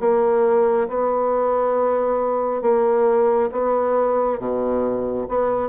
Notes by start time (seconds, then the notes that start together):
0.00 A#3
0.89 B3
2.62 A#3
3.52 B3
4.40 B2
5.29 B3